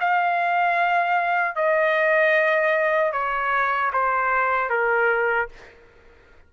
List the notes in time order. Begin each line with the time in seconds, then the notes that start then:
0.00 F5
1.55 D#5
3.12 C#5
3.93 C5
4.69 A#4